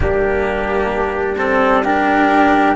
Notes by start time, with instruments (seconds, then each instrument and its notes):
0.00 tuba G3, cello A#3, flute D4, trumpet G4
1.37 cello C4, trumpet A4
1.83 cello D4, flute G4, trumpet A#4